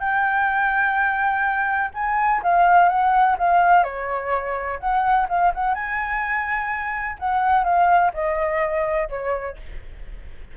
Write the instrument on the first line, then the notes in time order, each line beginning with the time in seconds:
flute
0.00 G5
1.94 G#5
2.43 F5
2.89 F#5
3.38 F5
3.84 C#5
4.79 F#5
5.29 F5
5.55 F#5
5.75 G#5
7.19 F#5
7.64 F5
8.14 D#5
9.09 C#5